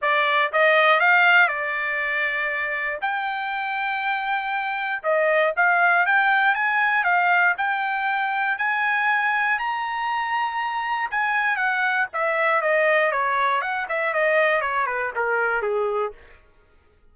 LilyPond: \new Staff \with { instrumentName = "trumpet" } { \time 4/4 \tempo 4 = 119 d''4 dis''4 f''4 d''4~ | d''2 g''2~ | g''2 dis''4 f''4 | g''4 gis''4 f''4 g''4~ |
g''4 gis''2 ais''4~ | ais''2 gis''4 fis''4 | e''4 dis''4 cis''4 fis''8 e''8 | dis''4 cis''8 b'8 ais'4 gis'4 | }